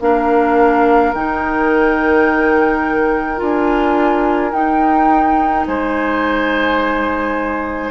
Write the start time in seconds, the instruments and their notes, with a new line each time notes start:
0.00 bassoon A#3, clarinet D4, oboe A#4, flute F5
1.14 bassoon D#3, clarinet D#4, flute G5
3.37 bassoon D4, clarinet F4, flute G#5
4.52 bassoon D#4, clarinet D#4, flute G5
5.67 bassoon G#3, oboe C5, flute G#5